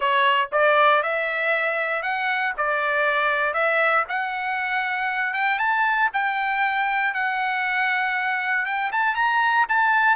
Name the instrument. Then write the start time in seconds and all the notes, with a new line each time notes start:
trumpet
0.00 C#5
0.52 D5
1.02 E5
2.02 F#5
2.57 D5
3.53 E5
4.08 F#5
5.33 G5
5.58 A5
6.13 G5
7.14 F#5
8.65 G5
8.92 A5
9.15 A#5
9.68 A5